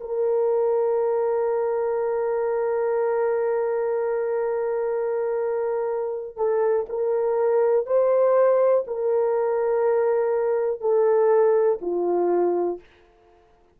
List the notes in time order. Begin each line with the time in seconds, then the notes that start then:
0.00 A#4
6.36 A4
6.89 A#4
7.86 C5
8.87 A#4
10.80 A4
11.81 F4